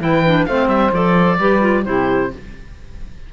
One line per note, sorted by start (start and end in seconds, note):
0.00 0.46 E3
0.00 0.23 E4
0.00 0.48 B4
0.00 0.46 G5
0.26 0.48 D4
0.46 0.68 A3
0.46 0.92 C4
0.46 1.38 C5
0.46 0.68 F5
0.68 0.91 G3
0.68 0.91 E5
0.92 1.39 F3
0.92 1.39 A4
0.92 1.85 D5
1.38 1.86 G3
1.38 1.60 G4
1.38 1.84 B4
1.60 1.84 F4
1.84 2.32 C3
1.84 2.31 E4
1.84 2.33 G4
1.84 2.31 C5